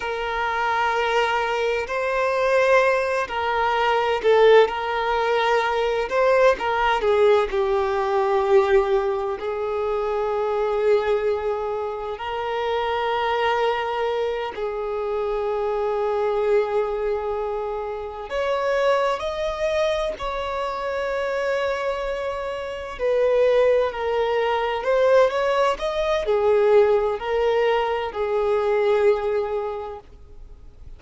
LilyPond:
\new Staff \with { instrumentName = "violin" } { \time 4/4 \tempo 4 = 64 ais'2 c''4. ais'8~ | ais'8 a'8 ais'4. c''8 ais'8 gis'8 | g'2 gis'2~ | gis'4 ais'2~ ais'8 gis'8~ |
gis'2.~ gis'8 cis''8~ | cis''8 dis''4 cis''2~ cis''8~ | cis''8 b'4 ais'4 c''8 cis''8 dis''8 | gis'4 ais'4 gis'2 | }